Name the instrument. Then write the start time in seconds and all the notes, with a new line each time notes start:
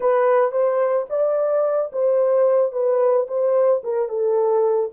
horn
0.00 B4
0.51 C5
1.09 D5
1.92 C5
2.72 B4
3.27 C5
3.83 A#4
4.08 A4